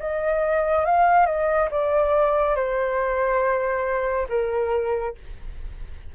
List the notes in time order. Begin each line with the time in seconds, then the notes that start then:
0.00 D#5
0.86 F5
1.26 D#5
1.71 D5
2.56 C5
4.29 A#4